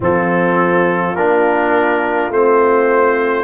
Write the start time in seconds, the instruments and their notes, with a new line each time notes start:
0.00 tuba F3, trombone C4, horn F4, trumpet A4
1.14 tuba A#3, trombone D4, trumpet A#4
2.29 tuba A3, trombone C4, trumpet C5